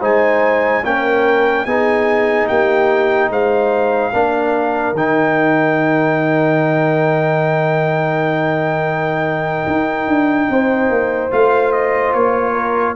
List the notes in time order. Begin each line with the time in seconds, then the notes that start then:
0.00 G#3 D#4 C5 G#5
0.84 A#3 C#4 A#4 G5
1.65 B3 D#4 G#4 G#5
2.47 A#3 G4 G5
3.29 G#3 C5 F5
4.12 A#3 D4 A#4
4.93 D#3 D#4 G5
9.66 D#4
10.07 D4
10.49 C4 C5
10.89 A#3
11.31 A3 F4 F5
11.71 D#5
12.13 A#3 C#5
12.52 A#4